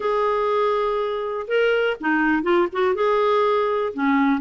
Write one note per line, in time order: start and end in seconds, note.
0.00 1.46 G#4
1.47 1.96 A#4
2.00 2.42 D#4
2.42 2.67 F4
2.72 2.94 F#4
2.94 3.93 G#4
3.93 4.40 C#4